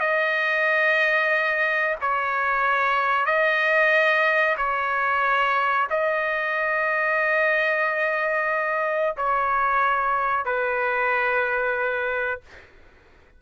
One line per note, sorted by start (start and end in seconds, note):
0.00 1.96 D#5
2.01 3.25 C#5
3.25 4.56 D#5
4.57 5.87 C#5
5.90 9.16 D#5
9.17 10.45 C#5
10.45 12.41 B4